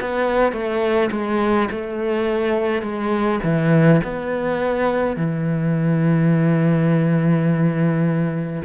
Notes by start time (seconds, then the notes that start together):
0.00 B3
0.52 A3
1.11 G#3
1.70 A3
2.82 G#3
3.43 E3
4.03 B3
5.16 E3